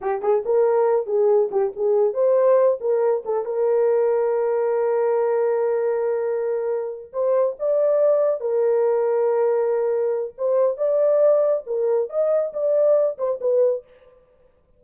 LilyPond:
\new Staff \with { instrumentName = "horn" } { \time 4/4 \tempo 4 = 139 g'8 gis'8 ais'4. gis'4 g'8 | gis'4 c''4. ais'4 a'8 | ais'1~ | ais'1~ |
ais'8 c''4 d''2 ais'8~ | ais'1 | c''4 d''2 ais'4 | dis''4 d''4. c''8 b'4 | }